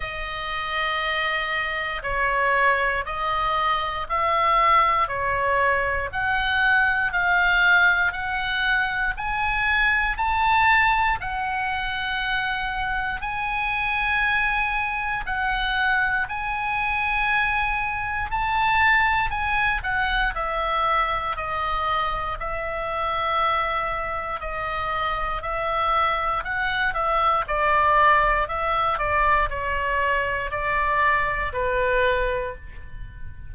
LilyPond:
\new Staff \with { instrumentName = "oboe" } { \time 4/4 \tempo 4 = 59 dis''2 cis''4 dis''4 | e''4 cis''4 fis''4 f''4 | fis''4 gis''4 a''4 fis''4~ | fis''4 gis''2 fis''4 |
gis''2 a''4 gis''8 fis''8 | e''4 dis''4 e''2 | dis''4 e''4 fis''8 e''8 d''4 | e''8 d''8 cis''4 d''4 b'4 | }